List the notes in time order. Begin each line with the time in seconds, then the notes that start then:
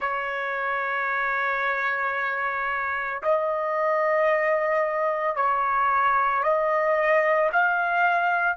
0.00 C#5
3.22 D#5
5.36 C#5
6.43 D#5
7.52 F5